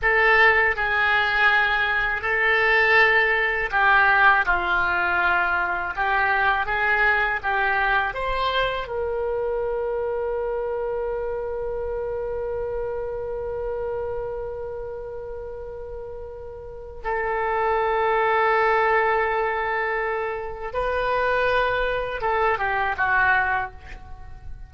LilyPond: \new Staff \with { instrumentName = "oboe" } { \time 4/4 \tempo 4 = 81 a'4 gis'2 a'4~ | a'4 g'4 f'2 | g'4 gis'4 g'4 c''4 | ais'1~ |
ais'1~ | ais'2. a'4~ | a'1 | b'2 a'8 g'8 fis'4 | }